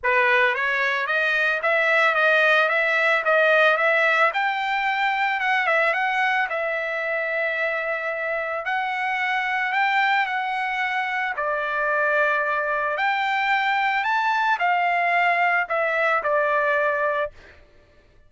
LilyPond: \new Staff \with { instrumentName = "trumpet" } { \time 4/4 \tempo 4 = 111 b'4 cis''4 dis''4 e''4 | dis''4 e''4 dis''4 e''4 | g''2 fis''8 e''8 fis''4 | e''1 |
fis''2 g''4 fis''4~ | fis''4 d''2. | g''2 a''4 f''4~ | f''4 e''4 d''2 | }